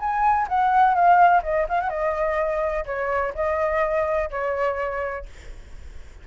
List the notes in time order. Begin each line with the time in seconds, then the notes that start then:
0.00 G#5
0.49 F#5
0.95 F5
1.43 D#5
1.69 F5
1.81 F#5
1.90 D#5
2.86 C#5
3.35 D#5
4.31 C#5